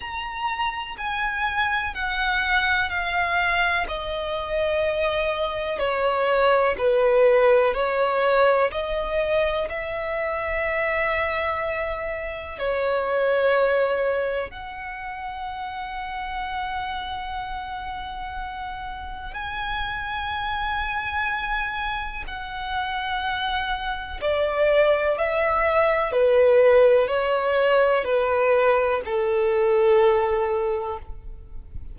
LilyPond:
\new Staff \with { instrumentName = "violin" } { \time 4/4 \tempo 4 = 62 ais''4 gis''4 fis''4 f''4 | dis''2 cis''4 b'4 | cis''4 dis''4 e''2~ | e''4 cis''2 fis''4~ |
fis''1 | gis''2. fis''4~ | fis''4 d''4 e''4 b'4 | cis''4 b'4 a'2 | }